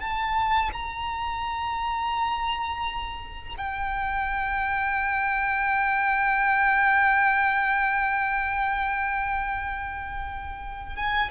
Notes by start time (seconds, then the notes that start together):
0.00 A5
0.73 A#5
3.58 G5
10.96 G#5